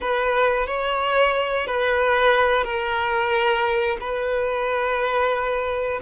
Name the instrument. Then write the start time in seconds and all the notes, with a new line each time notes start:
violin
0.01 B4
0.66 C#5
1.66 B4
2.64 A#4
4.00 B4